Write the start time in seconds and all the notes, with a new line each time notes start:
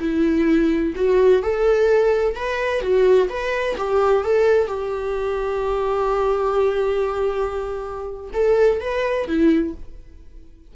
0.00 E4
0.96 F#4
1.43 A4
2.36 B4
2.82 F#4
3.30 B4
3.78 G4
4.24 A4
4.68 G4
8.34 A4
8.81 B4
9.28 E4